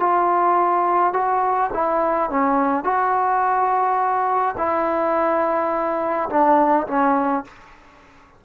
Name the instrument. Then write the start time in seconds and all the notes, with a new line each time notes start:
trombone
0.00 F4
1.14 F#4
1.74 E4
2.31 C#4
2.84 F#4
4.58 E4
6.30 D4
6.88 C#4